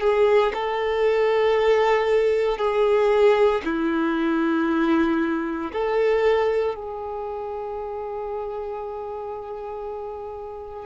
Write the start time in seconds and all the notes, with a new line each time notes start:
0.00 G#4
0.53 A4
2.57 G#4
3.64 E4
5.72 A4
6.75 G#4